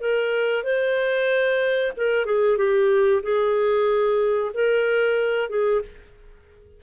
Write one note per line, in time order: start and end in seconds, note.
0.00 0.63 A#4
0.63 1.92 C5
1.96 2.26 A#4
2.26 2.57 G#4
2.57 3.22 G4
3.23 4.52 G#4
4.54 5.49 A#4
5.49 5.82 G#4